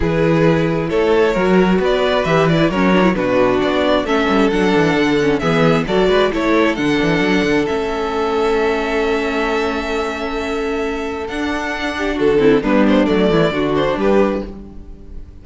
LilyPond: <<
  \new Staff \with { instrumentName = "violin" } { \time 4/4 \tempo 4 = 133 b'2 cis''2 | d''4 e''8 d''8 cis''4 b'4 | d''4 e''4 fis''2 | e''4 d''4 cis''4 fis''4~ |
fis''4 e''2.~ | e''1~ | e''4 fis''2 a'4 | b'8 c''8 d''4. c''8 b'4 | }
  \new Staff \with { instrumentName = "violin" } { \time 4/4 gis'2 a'4 ais'4 | b'2 ais'4 fis'4~ | fis'4 a'2. | gis'4 a'8 b'8 a'2~ |
a'1~ | a'1~ | a'2~ a'8 g'8 fis'8 e'8 | d'4. e'8 fis'4 g'4 | }
  \new Staff \with { instrumentName = "viola" } { \time 4/4 e'2. fis'4~ | fis'4 g'8 e'8 cis'8 d'16 e'16 d'4~ | d'4 cis'4 d'4. cis'8 | b4 fis'4 e'4 d'4~ |
d'4 cis'2.~ | cis'1~ | cis'4 d'2~ d'8 c'8 | b4 a4 d'2 | }
  \new Staff \with { instrumentName = "cello" } { \time 4/4 e2 a4 fis4 | b4 e4 fis4 b,4 | b4 a8 g8 fis8 e8 d4 | e4 fis8 gis8 a4 d8 e8 |
fis8 d8 a2.~ | a1~ | a4 d'2 d4 | g4 fis8 e8 d4 g4 | }
>>